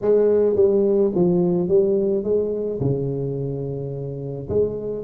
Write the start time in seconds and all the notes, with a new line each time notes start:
0.01 G#3
0.55 G3
1.14 F3
1.68 G3
2.23 G#3
2.80 C#3
4.49 G#3